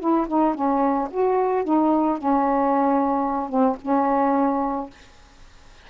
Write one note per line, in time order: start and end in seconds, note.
0.00 0.27 E4
0.28 0.54 D#4
0.54 1.08 C#4
1.11 1.64 F#4
1.64 2.18 D#4
2.18 3.49 C#4
3.49 3.76 C4
3.82 4.90 C#4